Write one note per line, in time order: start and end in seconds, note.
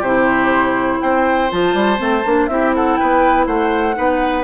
0.00 1.00 C3
0.00 1.51 E4
0.00 0.98 G4
0.00 1.02 C5
1.02 1.52 C4
1.02 2.50 C5
1.02 1.51 G5
1.51 1.74 F3
1.51 1.97 F4
1.51 2.47 A5
1.74 1.99 G3
1.97 2.25 A3
1.97 2.22 C4
2.26 2.49 A#3
2.26 2.50 D4
2.47 2.98 C4
2.47 3.94 E4
2.47 2.76 G4
2.47 2.72 E5
2.76 2.99 A4
2.76 2.97 F#5
2.97 3.47 B3
2.97 3.47 B4
2.97 3.46 G5
3.47 3.97 A3
3.47 3.96 C5
3.47 4.44 F#5
3.94 4.44 B3
3.94 4.44 D#4
3.94 4.44 B4